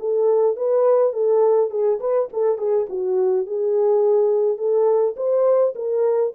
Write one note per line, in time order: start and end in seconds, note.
0.00 0.57 A4
0.57 1.13 B4
1.13 1.71 A4
1.71 2.00 G#4
2.00 2.29 B4
2.33 2.58 A4
2.58 2.87 G#4
2.90 3.47 F#4
3.47 4.58 G#4
4.58 5.16 A4
5.17 5.75 C5
5.76 6.34 A#4